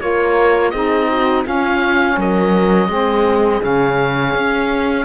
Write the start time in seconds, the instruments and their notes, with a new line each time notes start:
0.00 cello A#3, saxophone F4, horn A#4, oboe C#5
0.70 cello C4, saxophone D#4, horn G#4, oboe D#5
1.09 horn F#4
1.44 saxophone C#4, cello C#4, horn F4, oboe F5
2.17 cello F#3, horn A#4, oboe D#5
2.89 cello G#3, saxophone C4, horn G#4
3.62 cello C#3, saxophone C#4, oboe F5
4.34 cello C#4